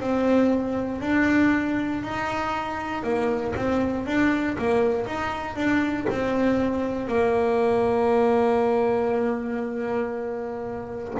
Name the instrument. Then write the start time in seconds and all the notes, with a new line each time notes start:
double bass
0.00 C4
1.01 D4
2.02 D#4
3.03 A#3
3.56 C4
4.06 D4
4.58 A#3
5.06 D#4
5.55 D4
6.09 C4
7.07 A#3